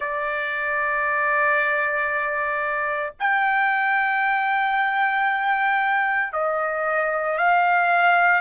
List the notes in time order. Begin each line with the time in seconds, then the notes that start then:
0.00 D5
3.19 G5
6.33 D#5
7.37 F5